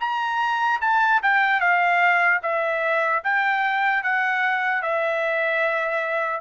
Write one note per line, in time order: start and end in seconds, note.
0.00 0.80 A#5
0.81 1.21 A5
1.22 1.60 G5
1.60 2.40 F5
2.42 3.22 E5
3.23 4.03 G5
4.03 4.82 F#5
4.82 6.40 E5